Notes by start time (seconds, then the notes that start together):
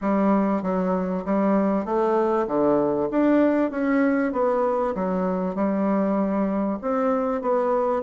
0.01 G3
0.62 F#3
1.25 G3
1.85 A3
2.47 D3
3.10 D4
3.70 C#4
4.32 B3
4.94 F#3
5.55 G3
6.81 C4
7.41 B3